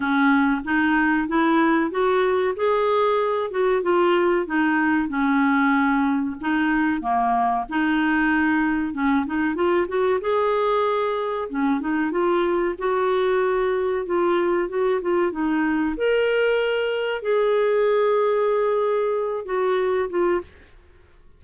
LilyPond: \new Staff \with { instrumentName = "clarinet" } { \time 4/4 \tempo 4 = 94 cis'4 dis'4 e'4 fis'4 | gis'4. fis'8 f'4 dis'4 | cis'2 dis'4 ais4 | dis'2 cis'8 dis'8 f'8 fis'8 |
gis'2 cis'8 dis'8 f'4 | fis'2 f'4 fis'8 f'8 | dis'4 ais'2 gis'4~ | gis'2~ gis'8 fis'4 f'8 | }